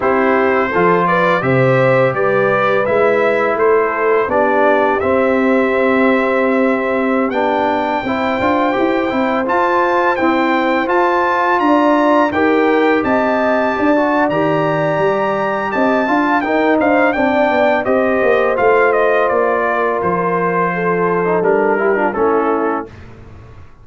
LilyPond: <<
  \new Staff \with { instrumentName = "trumpet" } { \time 4/4 \tempo 4 = 84 c''4. d''8 e''4 d''4 | e''4 c''4 d''4 e''4~ | e''2~ e''16 g''4.~ g''16~ | g''4~ g''16 a''4 g''4 a''8.~ |
a''16 ais''4 g''4 a''4.~ a''16 | ais''2 a''4 g''8 f''8 | g''4 dis''4 f''8 dis''8 d''4 | c''2 ais'4 a'4 | }
  \new Staff \with { instrumentName = "horn" } { \time 4/4 g'4 a'8 b'8 c''4 b'4~ | b'4 a'4 g'2~ | g'2.~ g'16 c''8.~ | c''1~ |
c''16 d''4 ais'4 dis''4 d''8.~ | d''2 dis''8 f''8 ais'8 c''8 | d''4 c''2~ c''8 ais'8~ | ais'4 a'4. g'16 f'16 e'4 | }
  \new Staff \with { instrumentName = "trombone" } { \time 4/4 e'4 f'4 g'2 | e'2 d'4 c'4~ | c'2~ c'16 d'4 e'8 f'16~ | f'16 g'8 e'8 f'4 c'4 f'8.~ |
f'4~ f'16 g'2~ g'16 fis'8 | g'2~ g'8 f'8 dis'4 | d'4 g'4 f'2~ | f'4.~ f'16 dis'16 d'8 e'16 d'16 cis'4 | }
  \new Staff \with { instrumentName = "tuba" } { \time 4/4 c'4 f4 c4 g4 | gis4 a4 b4 c'4~ | c'2~ c'16 b4 c'8 d'16~ | d'16 e'8 c'8 f'4 e'4 f'8.~ |
f'16 d'4 dis'4 c'4 d'8. | dis4 g4 c'8 d'8 dis'8 d'8 | c'8 b8 c'8 ais8 a4 ais4 | f2 g4 a4 | }
>>